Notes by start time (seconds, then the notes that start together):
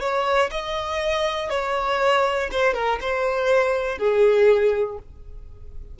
0.00 C#5
0.50 D#5
1.50 C#5
2.51 C5
2.74 A#4
3.00 C5
3.98 G#4